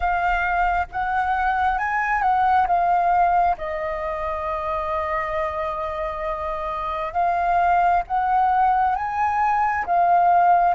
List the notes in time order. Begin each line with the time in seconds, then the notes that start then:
0.00 F5
0.92 F#5
1.78 G#5
2.21 F#5
2.67 F5
3.57 D#5
7.13 F5
8.07 F#5
8.96 G#5
9.85 F5